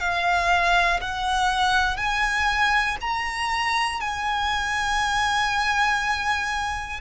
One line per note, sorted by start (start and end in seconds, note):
0.00 1.00 F5
1.00 1.97 F#5
1.97 2.97 G#5
3.00 4.00 A#5
4.00 7.00 G#5